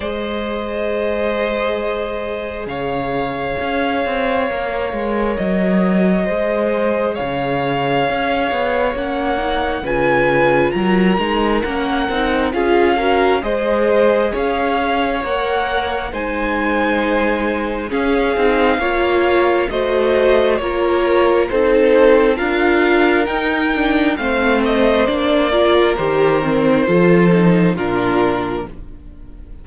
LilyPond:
<<
  \new Staff \with { instrumentName = "violin" } { \time 4/4 \tempo 4 = 67 dis''2. f''4~ | f''2 dis''2 | f''2 fis''4 gis''4 | ais''4 fis''4 f''4 dis''4 |
f''4 fis''4 gis''2 | f''2 dis''4 cis''4 | c''4 f''4 g''4 f''8 dis''8 | d''4 c''2 ais'4 | }
  \new Staff \with { instrumentName = "violin" } { \time 4/4 c''2. cis''4~ | cis''2. c''4 | cis''2. b'4 | ais'2 gis'8 ais'8 c''4 |
cis''2 c''2 | gis'4 cis''4 c''4 ais'4 | a'4 ais'2 c''4~ | c''8 ais'4. a'4 f'4 | }
  \new Staff \with { instrumentName = "viola" } { \time 4/4 gis'1~ | gis'4 ais'2 gis'4~ | gis'2 cis'8 dis'8 f'4~ | f'8 dis'8 cis'8 dis'8 f'8 fis'8 gis'4~ |
gis'4 ais'4 dis'2 | cis'8 dis'8 f'4 fis'4 f'4 | dis'4 f'4 dis'8 d'8 c'4 | d'8 f'8 g'8 c'8 f'8 dis'8 d'4 | }
  \new Staff \with { instrumentName = "cello" } { \time 4/4 gis2. cis4 | cis'8 c'8 ais8 gis8 fis4 gis4 | cis4 cis'8 b8 ais4 cis4 | fis8 gis8 ais8 c'8 cis'4 gis4 |
cis'4 ais4 gis2 | cis'8 c'8 ais4 a4 ais4 | c'4 d'4 dis'4 a4 | ais4 dis4 f4 ais,4 | }
>>